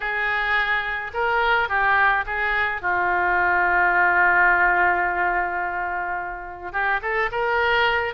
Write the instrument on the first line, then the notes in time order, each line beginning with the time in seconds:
oboe
0.00 G#4
1.13 A#4
1.68 G4
2.26 G#4
2.81 F4
6.72 G4
7.01 A4
7.31 A#4